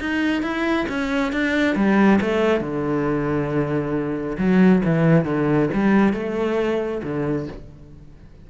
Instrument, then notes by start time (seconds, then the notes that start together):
cello
0.00 D#4
0.42 E4
0.89 C#4
1.32 D4
1.75 G3
2.21 A3
2.60 D3
4.38 F#3
4.85 E3
5.25 D3
5.74 G3
6.13 A3
7.03 D3